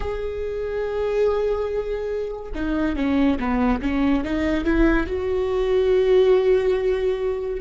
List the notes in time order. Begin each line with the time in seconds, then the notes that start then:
0.00 G#4
2.54 D#4
2.96 C#4
3.39 B3
3.81 C#4
4.24 D#4
4.64 E4
5.06 F#4